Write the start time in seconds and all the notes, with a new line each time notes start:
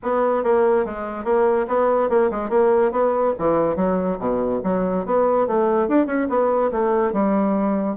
0.02 B3
0.43 A#3
0.85 G#3
1.24 A#3
1.67 B3
2.09 A#3
2.30 G#3
2.49 A#3
2.91 B3
3.38 E3
3.76 F#3
4.19 B2
4.63 F#3
5.05 B3
5.47 A3
5.88 D4
6.06 C#4
6.29 B3
6.71 A3
7.12 G3